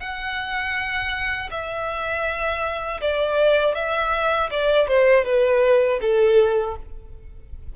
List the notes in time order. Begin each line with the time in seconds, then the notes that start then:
0.00 F#5
1.50 E5
3.01 D5
3.75 E5
4.50 D5
4.88 C5
5.25 B4
6.01 A4